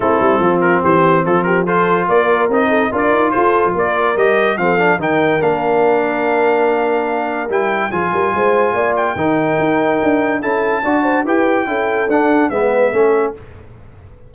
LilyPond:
<<
  \new Staff \with { instrumentName = "trumpet" } { \time 4/4 \tempo 4 = 144 a'4. ais'8 c''4 a'8 ais'8 | c''4 d''4 dis''4 d''4 | c''4 d''4 dis''4 f''4 | g''4 f''2.~ |
f''2 g''4 gis''4~ | gis''4. g''2~ g''8~ | g''4 a''2 g''4~ | g''4 fis''4 e''2 | }
  \new Staff \with { instrumentName = "horn" } { \time 4/4 e'4 f'4 g'4 f'8 g'8 | a'4 ais'4. a'8 ais'4 | a'4 ais'2 a'4 | ais'1~ |
ais'2. gis'8 ais'8 | c''4 d''4 ais'2~ | ais'4 a'4 d''8 c''8 b'4 | a'2 b'4 a'4 | }
  \new Staff \with { instrumentName = "trombone" } { \time 4/4 c'1 | f'2 dis'4 f'4~ | f'2 g'4 c'8 d'8 | dis'4 d'2.~ |
d'2 e'4 f'4~ | f'2 dis'2~ | dis'4 e'4 fis'4 g'4 | e'4 d'4 b4 cis'4 | }
  \new Staff \with { instrumentName = "tuba" } { \time 4/4 a8 g8 f4 e4 f4~ | f4 ais4 c'4 d'8 dis'8 | f'8. f16 ais4 g4 f4 | dis4 ais2.~ |
ais2 g4 f8 g8 | gis4 ais4 dis4 dis'4 | d'4 cis'4 d'4 e'4 | cis'4 d'4 gis4 a4 | }
>>